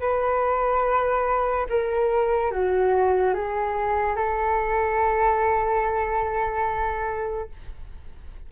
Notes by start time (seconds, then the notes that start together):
0.00 B4
1.69 A#4
2.51 F#4
3.34 G#4
4.16 A4